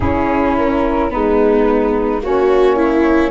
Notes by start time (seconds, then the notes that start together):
0.00 C#4 E4 G#4
0.57 A#4
1.10 G#3 B3 D#4 B4
2.21 A#3 C#4 F#4 C#5
2.76 E4